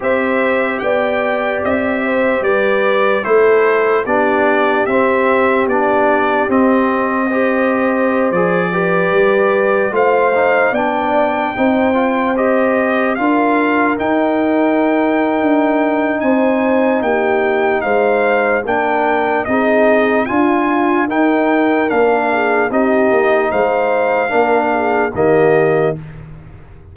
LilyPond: <<
  \new Staff \with { instrumentName = "trumpet" } { \time 4/4 \tempo 4 = 74 e''4 g''4 e''4 d''4 | c''4 d''4 e''4 d''4 | dis''2~ dis''16 d''4.~ d''16~ | d''16 f''4 g''2 dis''8.~ |
dis''16 f''4 g''2~ g''8. | gis''4 g''4 f''4 g''4 | dis''4 gis''4 g''4 f''4 | dis''4 f''2 dis''4 | }
  \new Staff \with { instrumentName = "horn" } { \time 4/4 c''4 d''4. c''8 b'4 | a'4 g'2.~ | g'4 c''4.~ c''16 b'4~ b'16~ | b'16 c''4 d''4 c''4.~ c''16~ |
c''16 ais'2.~ ais'8. | c''4 g'4 c''4 ais'4 | gis'4 f'4 ais'4. gis'8 | g'4 c''4 ais'8 gis'8 g'4 | }
  \new Staff \with { instrumentName = "trombone" } { \time 4/4 g'1 | e'4 d'4 c'4 d'4 | c'4 g'4~ g'16 gis'8 g'4~ g'16~ | g'16 f'8 dis'8 d'4 dis'8 f'8 g'8.~ |
g'16 f'4 dis'2~ dis'8.~ | dis'2. d'4 | dis'4 f'4 dis'4 d'4 | dis'2 d'4 ais4 | }
  \new Staff \with { instrumentName = "tuba" } { \time 4/4 c'4 b4 c'4 g4 | a4 b4 c'4 b4 | c'2~ c'16 f4 g8.~ | g16 a4 b4 c'4.~ c'16~ |
c'16 d'4 dis'4.~ dis'16 d'4 | c'4 ais4 gis4 ais4 | c'4 d'4 dis'4 ais4 | c'8 ais8 gis4 ais4 dis4 | }
>>